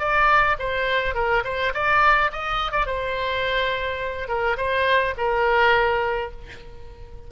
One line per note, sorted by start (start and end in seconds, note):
0.00 0.57 D5
0.59 1.15 C5
1.15 1.44 A#4
1.45 1.73 C5
1.74 2.31 D5
2.33 2.72 D#5
2.72 2.86 D5
2.86 4.29 C5
4.29 4.57 A#4
4.57 5.15 C5
5.18 6.32 A#4